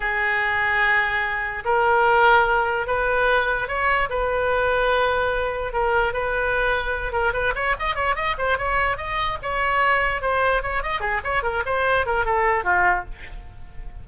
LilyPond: \new Staff \with { instrumentName = "oboe" } { \time 4/4 \tempo 4 = 147 gis'1 | ais'2. b'4~ | b'4 cis''4 b'2~ | b'2 ais'4 b'4~ |
b'4. ais'8 b'8 cis''8 dis''8 cis''8 | dis''8 c''8 cis''4 dis''4 cis''4~ | cis''4 c''4 cis''8 dis''8 gis'8 cis''8 | ais'8 c''4 ais'8 a'4 f'4 | }